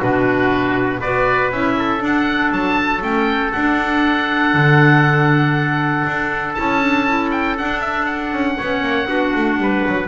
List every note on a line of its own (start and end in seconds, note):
0.00 1.03 B2
0.00 1.02 D4
0.00 1.00 F#4
0.00 1.02 B4
1.00 1.51 B3
1.00 1.53 F#4
1.00 1.76 B4
1.00 1.52 D5
1.51 2.01 C#4
1.51 1.99 E4
1.51 2.03 E5
1.78 8.58 A4
1.99 3.00 D4
1.99 2.52 D4
2.06 2.53 F#5
2.52 3.02 F#3
2.52 3.03 A5
3.02 3.52 A3
3.02 3.53 C#4
3.02 3.53 G5
3.53 4.54 D4
3.53 6.57 D4
3.53 6.55 F#5
4.54 6.06 D3
6.07 6.58 D4
6.55 7.60 C#4
6.55 6.81 E4
6.55 7.30 A5
6.81 7.07 D4
7.08 7.58 E4
7.32 7.57 G5
7.58 8.59 D4
7.58 8.33 D4
7.58 7.81 F#5
7.81 8.06 E5
8.06 10.07 F#5
8.33 8.58 C#4
8.58 8.83 B3
8.58 9.07 C#4
8.58 9.08 C#5
8.83 9.08 A#3
9.07 9.33 B3
9.07 10.08 D4
9.07 9.59 F#4
9.36 9.57 A3
9.57 9.83 G3
9.57 10.09 B4
9.87 10.09 F#3